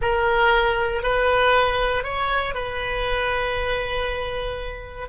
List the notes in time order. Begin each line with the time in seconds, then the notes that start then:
0.01 A#4
1.02 B4
2.03 C#5
2.54 B4